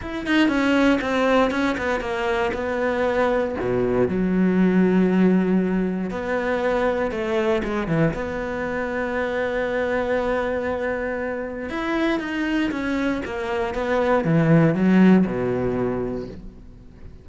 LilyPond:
\new Staff \with { instrumentName = "cello" } { \time 4/4 \tempo 4 = 118 e'8 dis'8 cis'4 c'4 cis'8 b8 | ais4 b2 b,4 | fis1 | b2 a4 gis8 e8 |
b1~ | b2. e'4 | dis'4 cis'4 ais4 b4 | e4 fis4 b,2 | }